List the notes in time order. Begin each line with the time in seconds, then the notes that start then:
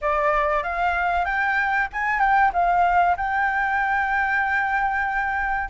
0.01 D5
0.63 F5
1.25 G5
1.92 G#5
2.19 G5
2.53 F5
3.16 G5